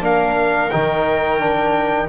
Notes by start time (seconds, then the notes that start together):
0.00 A#3 D4 A#4 F5
0.70 D#3 D#4 G5
1.39 D4